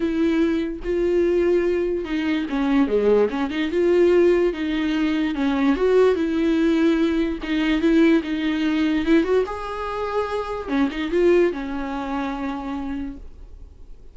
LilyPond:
\new Staff \with { instrumentName = "viola" } { \time 4/4 \tempo 4 = 146 e'2 f'2~ | f'4 dis'4 cis'4 gis4 | cis'8 dis'8 f'2 dis'4~ | dis'4 cis'4 fis'4 e'4~ |
e'2 dis'4 e'4 | dis'2 e'8 fis'8 gis'4~ | gis'2 cis'8 dis'8 f'4 | cis'1 | }